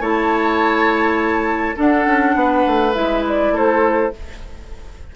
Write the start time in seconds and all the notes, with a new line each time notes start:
0.00 A3 E4 C#5 A5
1.76 D4 A4 F#5
2.06 C#4
2.35 B3 B4
2.67 A3
2.94 G#3 E4 E5
3.28 D5
3.51 A3 A4 C5